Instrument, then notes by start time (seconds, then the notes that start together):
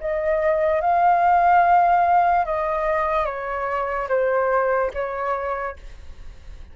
flute
0.00 D#5
0.81 F5
2.45 D#5
3.25 C#5
4.08 C5
4.94 C#5